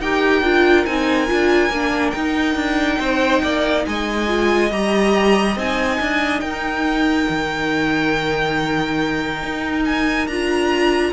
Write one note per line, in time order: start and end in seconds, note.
0.00 0.42 D#4
0.00 0.44 G4
0.00 3.00 A#4
0.00 0.86 G5
0.42 0.85 D4
0.42 0.86 F4
0.86 1.30 C4
0.86 1.27 D#4
0.86 2.11 G#5
1.27 1.70 D4
1.27 1.70 F4
1.70 2.13 A#3
1.70 2.16 D4
2.11 2.56 D#4
2.11 4.28 D#4
2.11 3.82 G5
2.56 2.98 D4
2.99 3.42 C4
2.99 3.42 C5
3.43 3.86 A#3
3.43 3.86 D5
3.86 4.71 G#3
3.86 6.43 D#5
3.86 4.72 G#5
4.28 4.71 F4
4.71 5.56 G3
4.71 5.57 G4
4.71 5.58 A#5
5.56 5.99 C4
5.56 10.29 D#4
5.56 6.40 G#5
6.00 6.42 D4
6.40 7.27 D#4
6.40 11.14 A#4
6.40 9.83 G5
7.30 9.44 D#3
9.44 10.28 D#4
9.86 10.28 G#5
10.28 11.13 D4
10.28 11.14 F4
10.28 11.13 A#5